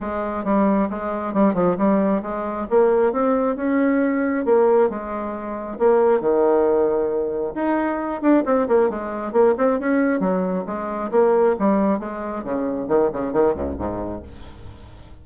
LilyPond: \new Staff \with { instrumentName = "bassoon" } { \time 4/4 \tempo 4 = 135 gis4 g4 gis4 g8 f8 | g4 gis4 ais4 c'4 | cis'2 ais4 gis4~ | gis4 ais4 dis2~ |
dis4 dis'4. d'8 c'8 ais8 | gis4 ais8 c'8 cis'4 fis4 | gis4 ais4 g4 gis4 | cis4 dis8 cis8 dis8 cis,8 gis,4 | }